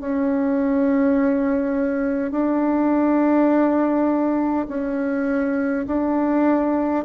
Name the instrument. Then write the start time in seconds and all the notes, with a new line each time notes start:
bassoon
0.00 C#4
2.31 D4
4.68 C#4
5.87 D4